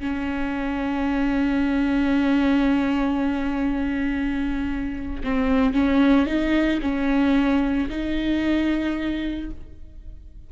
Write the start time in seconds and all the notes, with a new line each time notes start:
0.00 C#4
5.24 C4
5.73 C#4
6.27 D#4
6.82 C#4
7.90 D#4